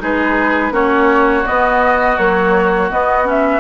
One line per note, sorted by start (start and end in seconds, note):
0.00 0.71 G#3
0.00 0.71 D#4
0.00 0.73 G#4
0.00 0.74 B4
0.71 1.44 A#3
0.71 1.44 C#4
0.71 3.60 F#4
0.71 1.46 C#5
1.45 2.17 B3
1.45 2.18 B3
1.45 2.17 D#5
2.17 2.90 F#3
2.17 2.90 A#3
2.17 2.90 C#5
2.91 3.25 B3
2.91 3.60 B3
2.91 3.27 D#5
3.25 3.60 C#4
3.25 3.60 E5